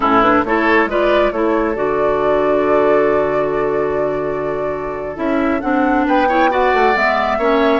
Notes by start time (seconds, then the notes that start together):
0.00 A2 C#4 E4 A4
0.21 D4 B4
0.44 A3 E4 A4 C#5
0.86 G#3 F4 B4 D5
1.31 A3 E4 A4 C#5
1.75 D3 F#4 D5
5.16 C#4 E4 E5
5.61 C4 D4 F#5
6.06 B3 B4 G5
6.28 E4 C#5
6.49 F#4 D5 F#5
6.73 A3
6.95 G#3 B3 E5
7.38 A#3 C#4 C#5